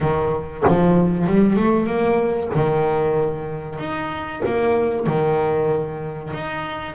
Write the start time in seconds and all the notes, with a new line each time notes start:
0.00 D#3
0.67 F3
1.26 G3
1.56 A3
1.86 A#3
2.54 D#3
3.78 D#4
4.45 A#3
5.06 D#3
6.33 D#4